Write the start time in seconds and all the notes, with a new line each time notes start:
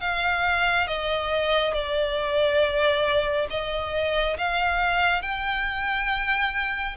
0.00 F5
0.87 D#5
1.74 D5
3.50 D#5
4.38 F5
5.22 G5